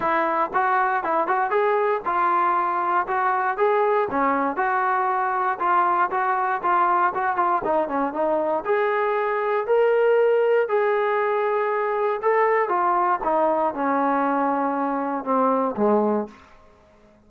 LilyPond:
\new Staff \with { instrumentName = "trombone" } { \time 4/4 \tempo 4 = 118 e'4 fis'4 e'8 fis'8 gis'4 | f'2 fis'4 gis'4 | cis'4 fis'2 f'4 | fis'4 f'4 fis'8 f'8 dis'8 cis'8 |
dis'4 gis'2 ais'4~ | ais'4 gis'2. | a'4 f'4 dis'4 cis'4~ | cis'2 c'4 gis4 | }